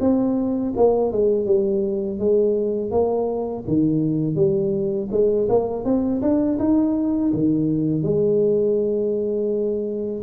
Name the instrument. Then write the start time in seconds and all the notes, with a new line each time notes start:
tuba
0.00 C4
0.76 A#3
1.12 G#3
1.46 G3
2.19 G#3
2.91 A#3
3.67 D#3
4.35 G3
5.11 G#3
5.49 A#3
5.84 C4
6.21 D4
6.59 D#4
7.33 D#3
8.03 G#3